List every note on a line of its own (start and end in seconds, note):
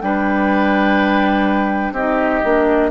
0.00 1.92 G3
0.00 1.96 D4
0.00 1.94 B4
0.00 1.94 G5
1.92 2.41 C4
1.92 2.44 D#4
1.92 2.90 G4
1.92 2.91 D#5
2.44 2.91 A#3
2.44 2.91 D4